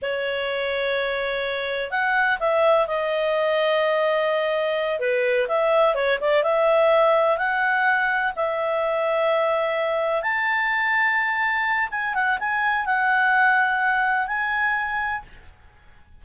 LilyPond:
\new Staff \with { instrumentName = "clarinet" } { \time 4/4 \tempo 4 = 126 cis''1 | fis''4 e''4 dis''2~ | dis''2~ dis''8 b'4 e''8~ | e''8 cis''8 d''8 e''2 fis''8~ |
fis''4. e''2~ e''8~ | e''4. a''2~ a''8~ | a''4 gis''8 fis''8 gis''4 fis''4~ | fis''2 gis''2 | }